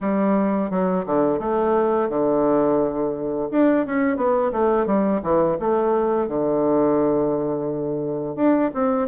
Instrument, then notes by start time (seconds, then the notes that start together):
bassoon
0.01 G3
0.70 F#3
1.06 D3
1.39 A3
2.09 D3
3.51 D4
3.86 C#4
4.16 B3
4.52 A3
4.86 G3
5.22 E3
5.59 A3
6.28 D3
8.35 D4
8.74 C4